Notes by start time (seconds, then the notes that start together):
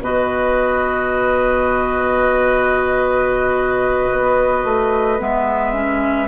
0.00 B2 F#4 B4 D#5
4.12 B3
4.65 A3
5.20 G#3 B3 E5
5.73 C#4